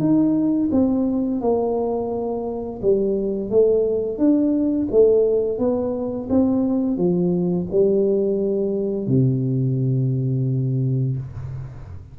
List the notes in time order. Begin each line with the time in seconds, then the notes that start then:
0.00 D#4
0.72 C4
1.41 A#3
2.82 G3
3.50 A3
4.18 D4
4.92 A3
5.59 B3
6.30 C4
6.97 F3
7.71 G3
9.07 C3